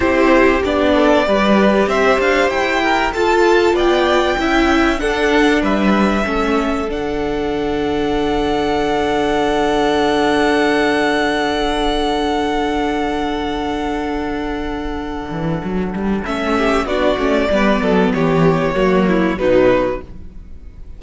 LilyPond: <<
  \new Staff \with { instrumentName = "violin" } { \time 4/4 \tempo 4 = 96 c''4 d''2 e''8 f''8 | g''4 a''4 g''2 | fis''4 e''2 fis''4~ | fis''1~ |
fis''1~ | fis''1~ | fis''2 e''4 d''4~ | d''4 cis''2 b'4 | }
  \new Staff \with { instrumentName = "violin" } { \time 4/4 g'4. a'8 b'4 c''4~ | c''8 ais'8 a'4 d''4 e''4 | a'4 b'4 a'2~ | a'1~ |
a'1~ | a'1~ | a'2~ a'8 g'8 fis'4 | b'8 a'8 g'4 fis'8 e'8 dis'4 | }
  \new Staff \with { instrumentName = "viola" } { \time 4/4 e'4 d'4 g'2~ | g'4 f'2 e'4 | d'2 cis'4 d'4~ | d'1~ |
d'1~ | d'1~ | d'2 cis'4 d'8 cis'8 | b2 ais4 fis4 | }
  \new Staff \with { instrumentName = "cello" } { \time 4/4 c'4 b4 g4 c'8 d'8 | e'4 f'4 b4 cis'4 | d'4 g4 a4 d4~ | d1~ |
d1~ | d1~ | d8 e8 fis8 g8 a4 b8 a8 | g8 fis8 e4 fis4 b,4 | }
>>